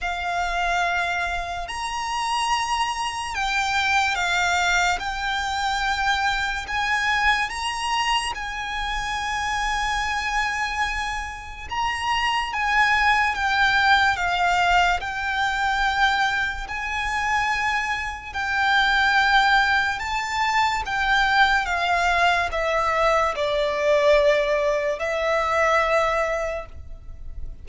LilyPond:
\new Staff \with { instrumentName = "violin" } { \time 4/4 \tempo 4 = 72 f''2 ais''2 | g''4 f''4 g''2 | gis''4 ais''4 gis''2~ | gis''2 ais''4 gis''4 |
g''4 f''4 g''2 | gis''2 g''2 | a''4 g''4 f''4 e''4 | d''2 e''2 | }